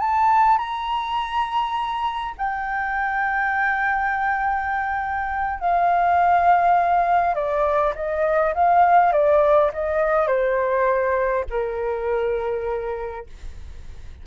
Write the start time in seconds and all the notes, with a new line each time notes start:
0.00 A5
0.59 A#5
2.38 G5
5.60 F5
7.35 D5
7.96 D#5
8.55 F5
9.13 D5
9.74 D#5
10.28 C5
11.50 A#4